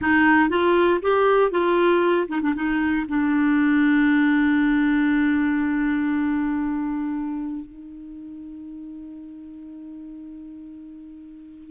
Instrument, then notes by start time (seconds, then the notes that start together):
clarinet
0.01 D#4
0.49 F4
1.02 G4
1.51 F4
2.28 D#4
2.41 D4
2.55 D#4
3.08 D4
7.65 D#4